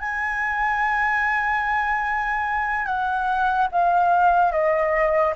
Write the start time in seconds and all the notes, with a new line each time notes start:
0.00 G#5
2.86 F#5
3.72 F5
4.52 D#5